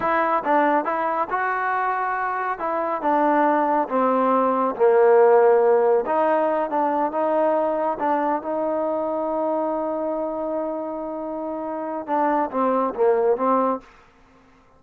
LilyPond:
\new Staff \with { instrumentName = "trombone" } { \time 4/4 \tempo 4 = 139 e'4 d'4 e'4 fis'4~ | fis'2 e'4 d'4~ | d'4 c'2 ais4~ | ais2 dis'4. d'8~ |
d'8 dis'2 d'4 dis'8~ | dis'1~ | dis'1 | d'4 c'4 ais4 c'4 | }